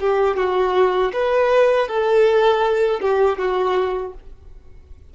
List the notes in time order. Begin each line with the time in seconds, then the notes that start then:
0.00 G4
0.37 F#4
1.13 B4
1.88 A4
3.01 G4
3.39 F#4